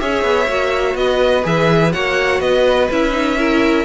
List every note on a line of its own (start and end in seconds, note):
0.00 0.24 C#4
0.00 0.48 G#4
0.00 0.97 C#5
0.00 0.96 E5
0.24 0.48 B3
0.48 0.95 A#3
0.48 1.43 F#4
0.95 1.44 B3
0.95 1.93 B4
0.95 1.45 D#5
1.43 1.94 E3
1.43 1.92 G#4
1.43 1.93 E5
1.93 2.40 A#3
1.93 2.90 F#4
1.93 2.41 C#5
1.93 2.41 F#5
2.40 2.89 B3
2.40 3.38 B4
2.40 2.89 D#5
2.91 3.85 C#4
2.91 3.12 E4
2.91 3.85 E5
3.12 3.36 D#4
3.38 3.85 E4
3.38 3.85 A#4